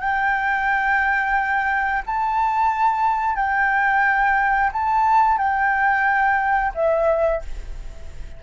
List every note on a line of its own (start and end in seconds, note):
0.00 2.02 G5
2.06 3.36 A5
3.36 4.71 G5
4.72 5.37 A5
5.37 6.72 G5
6.74 7.42 E5